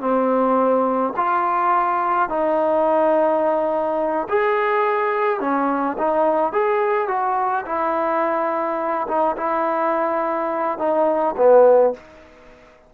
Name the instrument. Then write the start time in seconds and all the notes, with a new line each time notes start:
trombone
0.00 C4
1.16 F4
2.29 D#4
4.29 G#4
5.40 C#4
5.98 D#4
6.52 G#4
7.08 F#4
7.65 E4
9.08 D#4
9.37 E4
10.78 D#4
11.37 B3